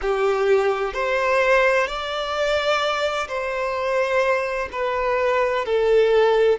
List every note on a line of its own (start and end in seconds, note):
0.01 0.93 G4
0.93 1.87 C5
1.87 3.27 D5
3.28 4.68 C5
4.71 5.65 B4
5.65 6.59 A4